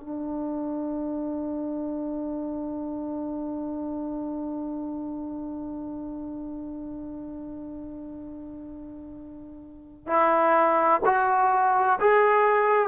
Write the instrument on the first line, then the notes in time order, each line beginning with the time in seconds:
trombone
0.00 D4
10.07 E4
11.05 F#4
12.00 G#4